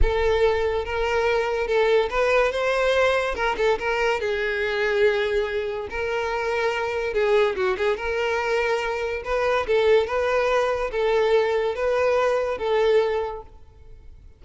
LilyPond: \new Staff \with { instrumentName = "violin" } { \time 4/4 \tempo 4 = 143 a'2 ais'2 | a'4 b'4 c''2 | ais'8 a'8 ais'4 gis'2~ | gis'2 ais'2~ |
ais'4 gis'4 fis'8 gis'8 ais'4~ | ais'2 b'4 a'4 | b'2 a'2 | b'2 a'2 | }